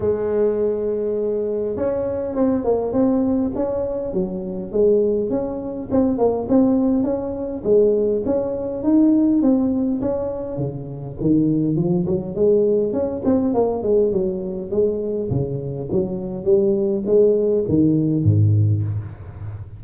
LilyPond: \new Staff \with { instrumentName = "tuba" } { \time 4/4 \tempo 4 = 102 gis2. cis'4 | c'8 ais8 c'4 cis'4 fis4 | gis4 cis'4 c'8 ais8 c'4 | cis'4 gis4 cis'4 dis'4 |
c'4 cis'4 cis4 dis4 | f8 fis8 gis4 cis'8 c'8 ais8 gis8 | fis4 gis4 cis4 fis4 | g4 gis4 dis4 gis,4 | }